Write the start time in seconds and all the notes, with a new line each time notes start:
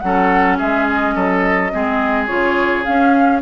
0.00 F#3 C#4 A4 F#5
0.58 G#3 G#4 E5
0.88 D#5
1.15 F#3 A4
1.72 G#3 C4 G#4
2.27 C#3 F4 C#5
2.84 C#4 F5